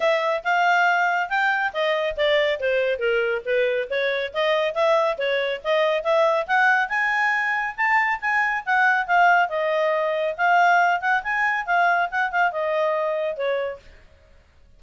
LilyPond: \new Staff \with { instrumentName = "clarinet" } { \time 4/4 \tempo 4 = 139 e''4 f''2 g''4 | dis''4 d''4 c''4 ais'4 | b'4 cis''4 dis''4 e''4 | cis''4 dis''4 e''4 fis''4 |
gis''2 a''4 gis''4 | fis''4 f''4 dis''2 | f''4. fis''8 gis''4 f''4 | fis''8 f''8 dis''2 cis''4 | }